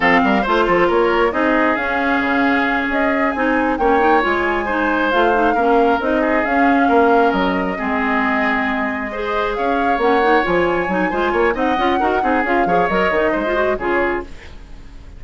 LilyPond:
<<
  \new Staff \with { instrumentName = "flute" } { \time 4/4 \tempo 4 = 135 f''4 c''4 cis''4 dis''4 | f''2~ f''8 dis''4 gis''8~ | gis''8 g''4 gis''2 f''8~ | f''4. dis''4 f''4.~ |
f''8 dis''2.~ dis''8~ | dis''4. f''4 fis''4 gis''8~ | gis''2 fis''2 | f''4 dis''2 cis''4 | }
  \new Staff \with { instrumentName = "oboe" } { \time 4/4 a'8 ais'8 c''8 a'8 ais'4 gis'4~ | gis'1~ | gis'8 cis''2 c''4.~ | c''8 ais'4. gis'4. ais'8~ |
ais'4. gis'2~ gis'8~ | gis'8 c''4 cis''2~ cis''8~ | cis''4 c''8 cis''8 dis''4 ais'8 gis'8~ | gis'8 cis''4. c''4 gis'4 | }
  \new Staff \with { instrumentName = "clarinet" } { \time 4/4 c'4 f'2 dis'4 | cis'2.~ cis'8 dis'8~ | dis'8 cis'8 dis'8 f'4 dis'4 f'8 | dis'8 cis'4 dis'4 cis'4.~ |
cis'4. c'2~ c'8~ | c'8 gis'2 cis'8 dis'8 f'8~ | f'8 dis'8 f'4 dis'8 f'8 fis'8 dis'8 | f'8 gis'8 ais'8 dis'8. f'16 fis'8 f'4 | }
  \new Staff \with { instrumentName = "bassoon" } { \time 4/4 f8 g8 a8 f8 ais4 c'4 | cis'4 cis4. cis'4 c'8~ | c'8 ais4 gis2 a8~ | a8 ais4 c'4 cis'4 ais8~ |
ais8 fis4 gis2~ gis8~ | gis4. cis'4 ais4 f8~ | f8 fis8 gis8 ais8 c'8 cis'8 dis'8 c'8 | cis'8 f8 fis8 dis8 gis4 cis4 | }
>>